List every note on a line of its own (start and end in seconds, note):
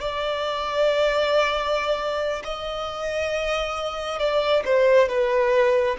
0.00 2.43 D5
2.44 4.19 D#5
4.19 4.63 D5
4.65 5.09 C5
5.09 5.97 B4